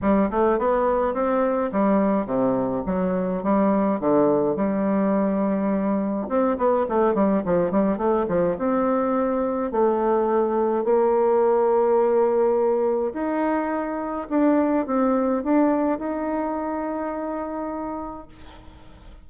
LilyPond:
\new Staff \with { instrumentName = "bassoon" } { \time 4/4 \tempo 4 = 105 g8 a8 b4 c'4 g4 | c4 fis4 g4 d4 | g2. c'8 b8 | a8 g8 f8 g8 a8 f8 c'4~ |
c'4 a2 ais4~ | ais2. dis'4~ | dis'4 d'4 c'4 d'4 | dis'1 | }